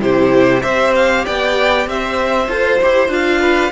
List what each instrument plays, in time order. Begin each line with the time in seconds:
0.00 cello C3, viola E4, violin G4 C5
0.60 cello C4, viola G4, violin C5 E5
0.95 violin F5
1.24 cello B3, violin D5 G5
1.86 cello C4, violin C5 E5
2.47 cello F4, viola A4, violin C5
2.82 cello E4, viola G4
3.08 cello D4, viola F4, violin F5
3.40 violin B4